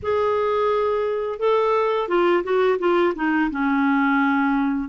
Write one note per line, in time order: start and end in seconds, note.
0.02 1.39 G#4
1.39 2.08 A4
2.08 2.43 F4
2.43 2.78 F#4
2.78 3.13 F4
3.15 3.50 D#4
3.50 4.88 C#4